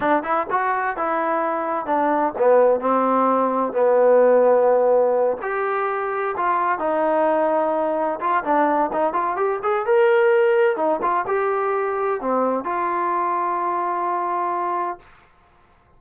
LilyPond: \new Staff \with { instrumentName = "trombone" } { \time 4/4 \tempo 4 = 128 d'8 e'8 fis'4 e'2 | d'4 b4 c'2 | b2.~ b8 g'8~ | g'4. f'4 dis'4.~ |
dis'4. f'8 d'4 dis'8 f'8 | g'8 gis'8 ais'2 dis'8 f'8 | g'2 c'4 f'4~ | f'1 | }